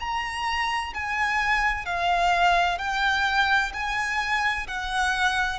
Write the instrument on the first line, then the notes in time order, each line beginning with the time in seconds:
violin
0.00 A#5
0.94 G#5
1.86 F5
2.79 G5
3.74 G#5
4.67 F#5